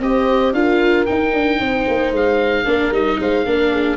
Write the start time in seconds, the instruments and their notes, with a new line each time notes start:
0.00 tuba C4, viola G4, horn C5, oboe D#5
0.53 tuba D4, viola F4, horn A#4, oboe F5
1.06 viola D#4, tuba D#4, oboe G5
1.33 tuba D4
1.60 tuba C4, horn C5
1.88 tuba A#3
2.12 tuba G#3, oboe F5
2.65 tuba A#3, viola D4, horn A#4
2.91 tuba G3, viola D#4, oboe D#5
3.20 tuba G#3, horn C5, oboe F5
3.46 tuba A#3, viola D4, horn A#4
3.72 horn G#4